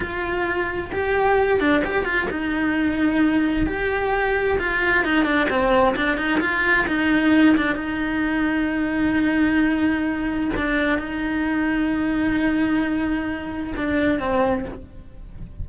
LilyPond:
\new Staff \with { instrumentName = "cello" } { \time 4/4 \tempo 4 = 131 f'2 g'4. d'8 | g'8 f'8 dis'2. | g'2 f'4 dis'8 d'8 | c'4 d'8 dis'8 f'4 dis'4~ |
dis'8 d'8 dis'2.~ | dis'2. d'4 | dis'1~ | dis'2 d'4 c'4 | }